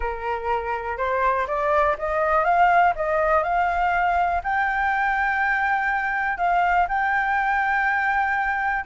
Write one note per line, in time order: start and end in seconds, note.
0.00 0.97 A#4
0.97 1.46 C5
1.47 1.96 D5
1.98 2.44 D#5
2.44 2.93 F5
2.95 3.43 D#5
3.43 4.41 F5
4.43 6.37 G5
6.37 6.87 F5
6.88 8.85 G5